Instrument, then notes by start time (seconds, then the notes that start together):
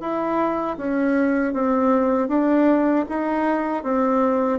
bassoon
0.00 E4
0.77 C#4
1.53 C4
2.28 D4
3.09 D#4
3.83 C4